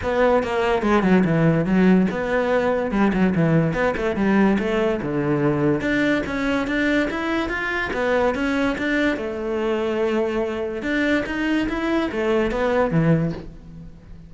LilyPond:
\new Staff \with { instrumentName = "cello" } { \time 4/4 \tempo 4 = 144 b4 ais4 gis8 fis8 e4 | fis4 b2 g8 fis8 | e4 b8 a8 g4 a4 | d2 d'4 cis'4 |
d'4 e'4 f'4 b4 | cis'4 d'4 a2~ | a2 d'4 dis'4 | e'4 a4 b4 e4 | }